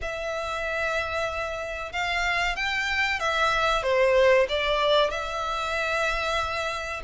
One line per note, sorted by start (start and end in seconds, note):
0.01 1.92 E5
1.92 2.56 F5
2.56 3.19 G5
3.19 3.82 E5
3.82 4.46 C5
4.49 5.10 D5
5.10 7.02 E5